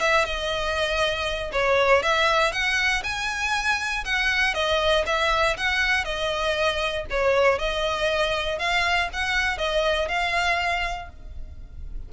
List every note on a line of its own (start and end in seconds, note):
0.00 0.25 E5
0.25 1.51 D#5
1.52 2.02 C#5
2.02 2.52 E5
2.52 3.03 F#5
3.03 4.04 G#5
4.05 4.54 F#5
4.54 5.04 D#5
5.06 5.56 E5
5.57 6.04 F#5
6.04 7.05 D#5
7.10 7.58 C#5
7.58 8.58 D#5
8.58 9.09 F5
9.13 9.58 F#5
9.58 10.08 D#5
10.08 11.09 F5